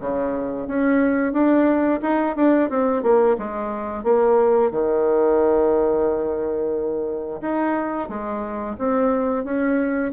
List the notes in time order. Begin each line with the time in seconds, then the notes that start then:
0.00 C#3
0.68 C#4
1.33 D4
2.02 D#4
2.36 D4
2.69 C4
3.03 A#3
3.38 G#3
4.04 A#3
4.71 D#3
7.41 D#4
8.09 G#3
8.79 C4
9.44 C#4